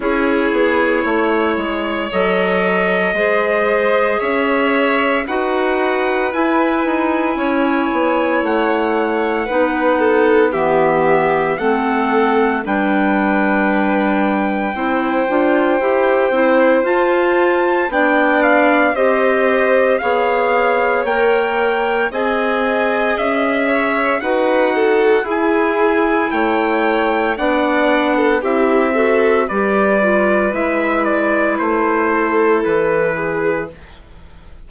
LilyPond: <<
  \new Staff \with { instrumentName = "trumpet" } { \time 4/4 \tempo 4 = 57 cis''2 dis''2 | e''4 fis''4 gis''2 | fis''2 e''4 fis''4 | g''1 |
a''4 g''8 f''8 dis''4 f''4 | g''4 gis''4 e''4 fis''4 | gis''4 g''4 fis''4 e''4 | d''4 e''8 d''8 c''4 b'4 | }
  \new Staff \with { instrumentName = "violin" } { \time 4/4 gis'4 cis''2 c''4 | cis''4 b'2 cis''4~ | cis''4 b'8 a'8 g'4 a'4 | b'2 c''2~ |
c''4 d''4 c''4 cis''4~ | cis''4 dis''4. cis''8 b'8 a'8 | gis'4 cis''4 d''8. a'16 g'8 a'8 | b'2~ b'8 a'4 gis'8 | }
  \new Staff \with { instrumentName = "clarinet" } { \time 4/4 e'2 a'4 gis'4~ | gis'4 fis'4 e'2~ | e'4 dis'4 b4 c'4 | d'2 e'8 f'8 g'8 e'8 |
f'4 d'4 g'4 gis'4 | ais'4 gis'2 fis'4 | e'2 d'4 e'8 fis'8 | g'8 f'8 e'2. | }
  \new Staff \with { instrumentName = "bassoon" } { \time 4/4 cis'8 b8 a8 gis8 fis4 gis4 | cis'4 dis'4 e'8 dis'8 cis'8 b8 | a4 b4 e4 a4 | g2 c'8 d'8 e'8 c'8 |
f'4 b4 c'4 b4 | ais4 c'4 cis'4 dis'4 | e'4 a4 b4 c'4 | g4 gis4 a4 e4 | }
>>